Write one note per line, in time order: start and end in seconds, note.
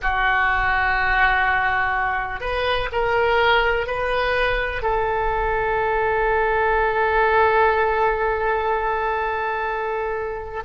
0.01 2.40 F#4
2.40 2.89 B4
2.92 3.86 A#4
3.86 4.82 B4
4.82 10.63 A4